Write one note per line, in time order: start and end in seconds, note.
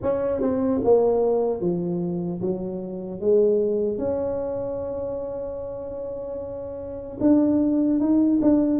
0.02 0.41 C#4
0.41 0.81 C4
0.84 1.60 A#3
1.60 2.40 F3
2.41 3.20 F#3
3.20 3.97 G#3
3.97 7.17 C#4
7.20 7.99 D4
7.99 8.39 D#4
8.41 8.80 D4